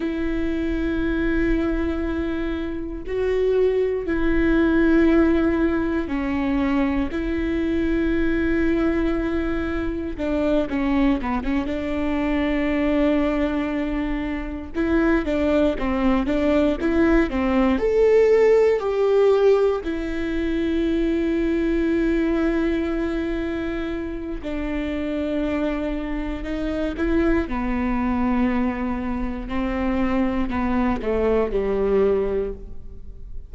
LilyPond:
\new Staff \with { instrumentName = "viola" } { \time 4/4 \tempo 4 = 59 e'2. fis'4 | e'2 cis'4 e'4~ | e'2 d'8 cis'8 b16 cis'16 d'8~ | d'2~ d'8 e'8 d'8 c'8 |
d'8 e'8 c'8 a'4 g'4 e'8~ | e'1 | d'2 dis'8 e'8 b4~ | b4 c'4 b8 a8 g4 | }